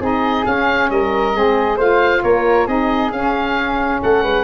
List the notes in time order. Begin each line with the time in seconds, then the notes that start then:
0.00 C4 D#4 G#4 D#5
0.44 C#4 F5
0.90 G3 A#4 D#5
1.33 G#3 C4 G#4
1.77 A3 F4 C5 F5
2.23 A#3 A#4 C#5
2.67 C4 D#4 G#4 D#5
3.12 C#4 F5
4.02 A3 A4 F#5
4.23 G#3 B4